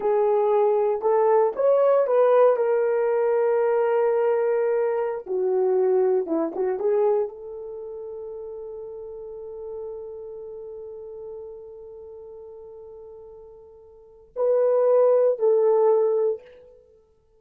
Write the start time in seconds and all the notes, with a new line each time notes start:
0.00 G#4
1.01 A4
1.55 C#5
2.07 B4
2.56 A#4
5.26 F#4
6.26 E4
6.55 F#4
6.79 G#4
7.28 A4
14.36 B4
15.38 A4